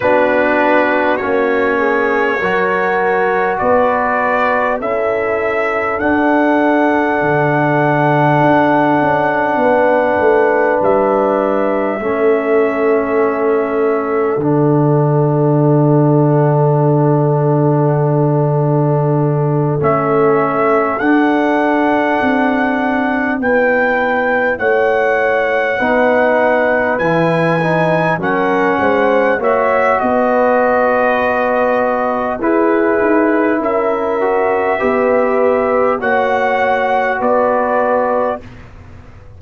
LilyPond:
<<
  \new Staff \with { instrumentName = "trumpet" } { \time 4/4 \tempo 4 = 50 b'4 cis''2 d''4 | e''4 fis''2.~ | fis''4 e''2. | fis''1~ |
fis''8 e''4 fis''2 g''8~ | g''8 fis''2 gis''4 fis''8~ | fis''8 e''8 dis''2 b'4 | e''2 fis''4 d''4 | }
  \new Staff \with { instrumentName = "horn" } { \time 4/4 fis'4. gis'8 ais'4 b'4 | a'1 | b'2 a'2~ | a'1~ |
a'2.~ a'8 b'8~ | b'8 cis''4 b'2 ais'8 | c''8 cis''8 b'2 gis'4 | ais'4 b'4 cis''4 b'4 | }
  \new Staff \with { instrumentName = "trombone" } { \time 4/4 d'4 cis'4 fis'2 | e'4 d'2.~ | d'2 cis'2 | d'1~ |
d'8 cis'4 d'2 e'8~ | e'4. dis'4 e'8 dis'8 cis'8~ | cis'8 fis'2~ fis'8 e'4~ | e'8 fis'8 g'4 fis'2 | }
  \new Staff \with { instrumentName = "tuba" } { \time 4/4 b4 ais4 fis4 b4 | cis'4 d'4 d4 d'8 cis'8 | b8 a8 g4 a2 | d1~ |
d8 a4 d'4 c'4 b8~ | b8 a4 b4 e4 fis8 | gis8 ais8 b2 e'8 dis'8 | cis'4 b4 ais4 b4 | }
>>